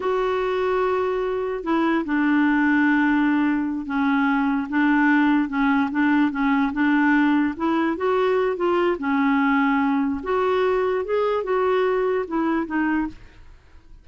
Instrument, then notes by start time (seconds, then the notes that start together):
clarinet
0.00 F#4
1.63 E4
2.04 D4
3.86 C#4
4.69 D4
5.48 C#4
5.91 D4
6.31 C#4
6.73 D4
7.56 E4
7.97 F#4
8.56 F4
8.98 C#4
10.23 F#4
11.04 G#4
11.43 F#4
12.27 E4
12.66 D#4